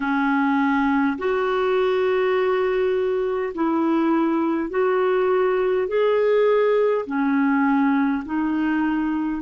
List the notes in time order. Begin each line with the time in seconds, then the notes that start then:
0.00 C#4
1.18 F#4
3.54 E4
4.70 F#4
5.87 G#4
7.06 C#4
8.25 D#4